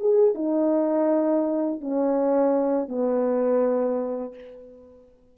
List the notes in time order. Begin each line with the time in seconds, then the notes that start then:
0.00 G#4
0.35 D#4
1.81 C#4
2.89 B3